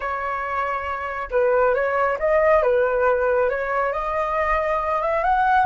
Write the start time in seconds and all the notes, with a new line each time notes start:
0.00 C#5
1.30 B4
1.74 C#5
2.19 D#5
2.62 B4
3.49 C#5
3.92 D#5
5.01 E5
5.23 F#5